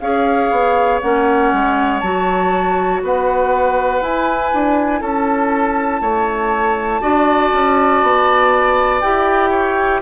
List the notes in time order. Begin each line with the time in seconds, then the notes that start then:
0.00 C#4 G#4 C#5 F5
0.51 B3
1.01 A#3 C#4 F#5
1.52 G#3
1.99 F#3 F#4 A5
3.02 B3 B4 F#5
4.01 E4 G#5
4.53 D4
5.01 C#4 A4 A5
6.01 A3 C#5
7.01 D4 F#4 D5
7.53 C#4
8.03 B3
9.01 E4 G4 G5
9.50 C#5